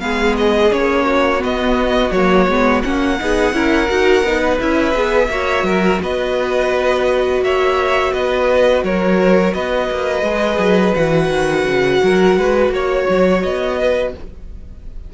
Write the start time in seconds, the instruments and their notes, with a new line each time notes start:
0.00 cello G#3, viola B3, violin G#4 F5
0.37 violin D#5
0.72 cello A#3, viola C#4, violin C#5
1.05 violin F#4
1.38 viola B3, cello B3, violin D#5
2.11 cello F#3, viola A#3, violin C#5
2.48 cello G#3, viola B3
2.83 cello A#3, viola C#4, violin F#5
3.20 cello B3, viola D#4, violin G#4
3.53 cello C#4, viola E4, violin A#4
3.89 cello D#4, viola F#4
4.23 cello B3, viola D#4
4.40 violin B4
4.60 cello C#4, viola E4, violin E5
4.94 cello B3, viola G#4
5.28 cello A#3, viola F#4, violin C#5
5.63 cello F#3, violin A#4
6.02 cello B3, violin B4 D#5
7.42 cello A#3, violin C#5 E5
8.13 cello B3, violin B4 D#5
8.83 cello F#3, violin A#4 C#5
9.54 cello B3, violin B4 D#5
9.91 cello A#3
10.23 cello G#3, viola G#4
10.58 cello F#3
10.95 cello E3, viola F#4, violin F#5
11.29 cello D#3
11.65 cello C#3
12.03 cello F#3, violin A#4
12.37 cello G#3, violin B4
12.69 cello A#3, violin C#5
13.10 cello F#3
13.43 cello B3, violin D#5
13.78 violin B4